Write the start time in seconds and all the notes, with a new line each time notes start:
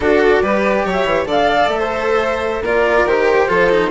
0.00 D4 F#4 A4 D5
0.42 G3 G4 B4
0.85 F#3 C#5
0.92 E5
1.04 E3
1.25 D3 A4 D5 F5
1.67 A3 E5
1.78 C5
2.62 A#3 F4 A#4 D5
3.06 D#3 G4 C5
3.48 F3 F4 A4
3.70 D#4